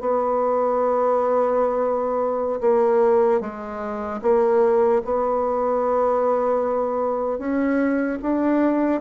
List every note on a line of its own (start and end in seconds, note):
0.00 2.60 B3
2.61 3.40 A#3
3.40 4.20 G#3
4.22 5.02 A#3
5.04 7.39 B3
7.39 8.19 C#4
8.22 9.01 D4